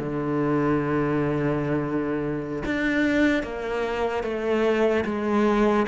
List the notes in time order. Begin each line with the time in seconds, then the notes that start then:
0.00 D3
2.66 D4
3.43 A#3
4.24 A3
5.06 G#3